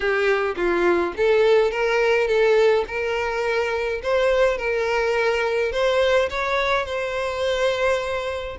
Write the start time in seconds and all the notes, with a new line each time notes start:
0.00 G4
0.56 F4
1.17 A4
1.71 A#4
2.27 A4
2.87 A#4
4.02 C5
4.57 A#4
5.72 C5
6.30 C#5
6.85 C5